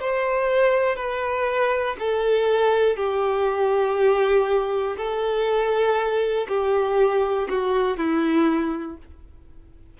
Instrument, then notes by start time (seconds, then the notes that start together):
violin
0.00 C5
0.96 B4
1.99 A4
2.96 G4
4.97 A4
6.48 G4
7.49 F#4
7.97 E4